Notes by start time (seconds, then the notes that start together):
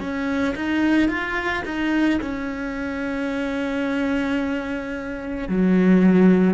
0.00 C#4
0.55 D#4
1.08 F4
1.65 D#4
2.21 C#4
5.48 F#3